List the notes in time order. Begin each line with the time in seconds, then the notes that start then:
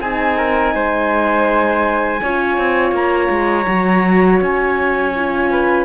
0.00 C4 D#4 G#4 G#5
0.37 A#4
0.74 G#3 C5
2.22 C#4 F4 C#5
2.57 C4
2.91 A#3 A#5
3.29 G#3
3.66 F#3 F#4
4.41 C#4 G#5
5.15 F4
5.50 B4